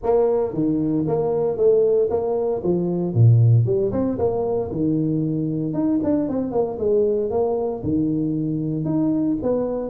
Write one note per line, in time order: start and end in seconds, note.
0.03 0.53 A#3
0.53 1.05 D#3
1.07 1.57 A#3
1.57 2.09 A3
2.10 2.62 A#3
2.63 3.14 F3
3.14 3.65 A#2
3.65 3.91 G3
3.92 4.18 C4
4.18 4.70 A#3
4.71 5.73 D#3
5.73 5.99 D#4
6.03 6.28 D4
6.28 6.51 C4
6.51 6.77 A#3
6.78 7.30 G#3
7.30 7.82 A#3
7.83 8.84 D#3
8.84 9.37 D#4
9.42 9.89 B3